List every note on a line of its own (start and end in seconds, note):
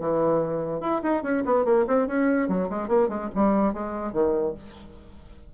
0.00 0.81 E3
0.81 1.01 E4
1.03 1.23 D#4
1.23 1.44 C#4
1.45 1.65 B3
1.65 1.86 A#3
1.87 2.07 C4
2.07 2.48 C#4
2.48 2.69 F#3
2.70 2.88 G#3
2.88 3.08 A#3
3.08 3.29 G#3
3.35 3.73 G3
3.73 4.13 G#3
4.13 4.54 D#3